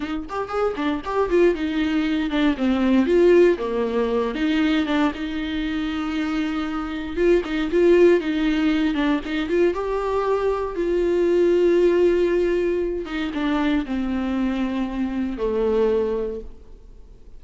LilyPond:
\new Staff \with { instrumentName = "viola" } { \time 4/4 \tempo 4 = 117 dis'8 g'8 gis'8 d'8 g'8 f'8 dis'4~ | dis'8 d'8 c'4 f'4 ais4~ | ais8 dis'4 d'8 dis'2~ | dis'2 f'8 dis'8 f'4 |
dis'4. d'8 dis'8 f'8 g'4~ | g'4 f'2.~ | f'4. dis'8 d'4 c'4~ | c'2 a2 | }